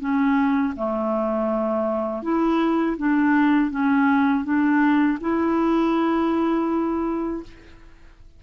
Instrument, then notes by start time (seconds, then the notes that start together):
clarinet
0.00 C#4
0.77 A3
2.23 E4
2.98 D4
3.71 C#4
4.44 D4
5.21 E4